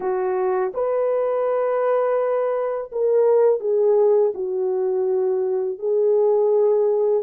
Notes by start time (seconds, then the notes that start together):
0.00 F#4
0.74 B4
2.91 A#4
3.59 G#4
4.34 F#4
5.78 G#4